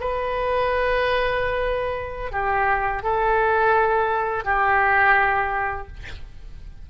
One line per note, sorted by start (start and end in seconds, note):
0.00 2.31 B4
2.31 3.03 G4
3.03 4.44 A4
4.44 5.87 G4